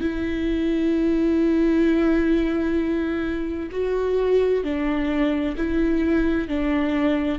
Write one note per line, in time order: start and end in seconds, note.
0.00 3.69 E4
3.71 4.63 F#4
4.63 5.56 D4
5.57 6.48 E4
6.48 7.38 D4